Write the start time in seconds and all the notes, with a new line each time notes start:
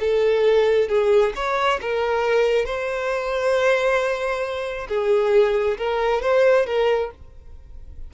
0.00 A4
0.89 G#4
1.36 C#5
1.82 A#4
2.66 C5
4.89 G#4
5.78 A#4
6.22 C5
6.66 A#4